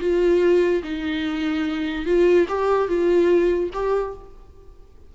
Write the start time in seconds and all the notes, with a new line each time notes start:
0.00 F4
0.83 D#4
2.06 F4
2.48 G4
2.88 F4
3.73 G4